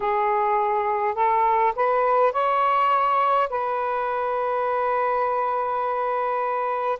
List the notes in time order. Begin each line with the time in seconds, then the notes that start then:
0.00 G#4
1.15 A4
1.75 B4
2.32 C#5
3.49 B4